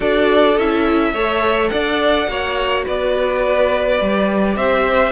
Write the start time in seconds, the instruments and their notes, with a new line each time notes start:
0.00 cello D4, viola F#4, violin A4 D5
0.57 cello C#4, viola E4, violin E5
1.13 cello A3, viola A4, violin C#5
1.68 cello D4, violin D5 F#5
2.27 cello A#3, viola F#4, violin C#5
2.85 cello B3, violin B4 D5
4.00 cello G3, viola G4
4.56 cello C4, violin C5 E5